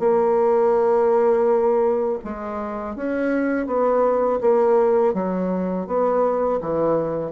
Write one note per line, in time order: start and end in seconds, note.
0.00 2.20 A#3
2.25 2.97 G#3
2.97 3.67 C#4
3.67 4.40 B3
4.41 5.14 A#3
5.14 5.87 F#3
5.87 6.61 B3
6.62 7.32 E3